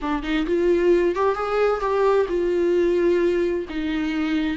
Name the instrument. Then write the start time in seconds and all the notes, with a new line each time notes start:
viola
0.01 D4
0.22 D#4
0.46 F4
1.15 G4
1.34 G#4
1.80 G4
2.28 F4
3.69 D#4